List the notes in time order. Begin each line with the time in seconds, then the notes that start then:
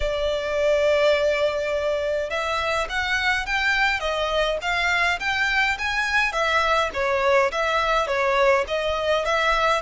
0.00 D5
2.29 E5
2.89 F#5
3.45 G5
4.00 D#5
4.61 F5
5.19 G5
5.78 G#5
6.32 E5
6.93 C#5
7.51 E5
8.07 C#5
8.67 D#5
9.25 E5